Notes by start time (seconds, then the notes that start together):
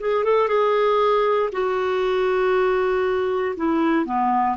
0.00 G#4
0.24 A4
0.49 G#4
1.53 F#4
3.57 E4
4.06 B3